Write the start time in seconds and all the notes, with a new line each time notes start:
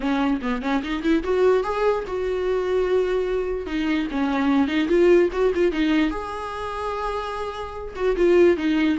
0.00 C#4
0.41 B3
0.62 C#4
0.83 D#4
1.02 E4
1.23 F#4
1.63 G#4
2.07 F#4
3.66 D#4
4.11 C#4
4.67 D#4
4.88 F4
5.32 F#4
5.54 F4
5.71 D#4
6.10 G#4
7.95 F#4
8.16 F4
8.56 D#4